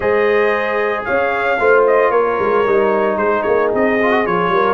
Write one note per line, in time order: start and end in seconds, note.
0.00 1.05 G#3
0.00 1.57 G#4
0.00 1.05 C5
0.00 1.04 D#5
1.04 1.59 C#4
1.04 1.58 C#5
1.04 1.84 F5
1.59 2.10 A3
1.59 2.65 F4
1.59 2.11 C5
1.86 2.11 D#5
2.10 2.37 A#3
2.10 3.17 A#4
2.10 3.17 C#5
2.39 2.65 G#3
2.65 3.16 G3
2.65 3.99 D#4
3.16 3.43 G#3
3.16 4.53 G#4
3.16 3.42 C5
3.42 3.72 A#3
3.42 3.68 C#5
3.74 4.26 C4
3.74 4.26 D#5
4.01 4.11 F4
4.11 4.24 F#4
4.25 4.48 F3
4.25 4.73 F4
4.25 4.73 C#5
4.48 4.73 G3
4.48 4.73 A#4